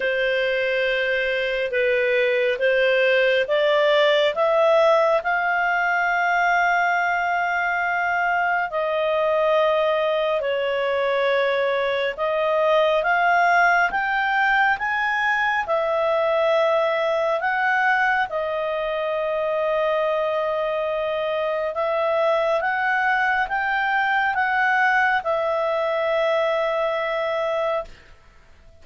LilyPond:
\new Staff \with { instrumentName = "clarinet" } { \time 4/4 \tempo 4 = 69 c''2 b'4 c''4 | d''4 e''4 f''2~ | f''2 dis''2 | cis''2 dis''4 f''4 |
g''4 gis''4 e''2 | fis''4 dis''2.~ | dis''4 e''4 fis''4 g''4 | fis''4 e''2. | }